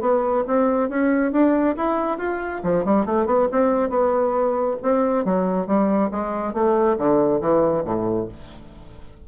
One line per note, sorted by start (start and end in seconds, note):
0.00 0.43 B3
0.47 0.89 C4
0.89 1.32 C#4
1.32 1.75 D4
1.76 2.18 E4
2.18 2.61 F4
2.63 2.84 F3
2.84 3.05 G3
3.05 3.26 A3
3.26 3.47 B3
3.51 3.89 C4
3.89 4.76 B3
4.82 5.24 C4
5.24 5.66 F#3
5.66 6.10 G3
6.11 6.53 G#3
6.53 6.96 A3
6.97 7.40 D3
7.40 7.84 E3
7.84 8.28 A2